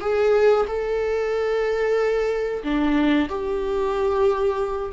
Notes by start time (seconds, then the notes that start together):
0.00 G#4
0.67 A4
2.63 D4
3.29 G4